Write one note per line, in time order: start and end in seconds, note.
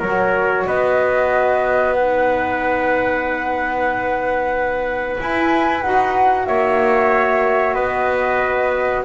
0.00 0.65 F#3
0.00 1.96 F#4
0.00 0.65 A#4
0.00 0.67 C#5
0.67 5.18 B3
0.67 6.47 B4
0.67 1.93 D#5
1.93 5.17 D#4
1.93 5.16 F#5
5.17 5.82 E4
5.17 5.84 E4
5.17 5.82 G#5
5.82 6.47 D#4
5.82 9.05 F#4
5.82 6.46 F#5
6.46 7.76 A#3
6.46 7.74 C#5
6.46 7.74 E5
7.74 9.05 B3
7.74 9.03 B4
7.74 9.03 D#5